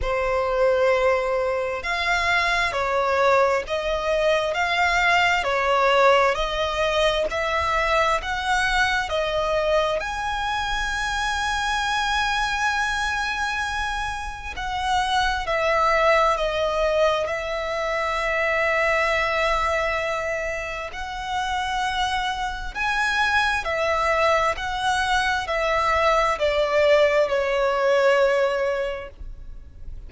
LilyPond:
\new Staff \with { instrumentName = "violin" } { \time 4/4 \tempo 4 = 66 c''2 f''4 cis''4 | dis''4 f''4 cis''4 dis''4 | e''4 fis''4 dis''4 gis''4~ | gis''1 |
fis''4 e''4 dis''4 e''4~ | e''2. fis''4~ | fis''4 gis''4 e''4 fis''4 | e''4 d''4 cis''2 | }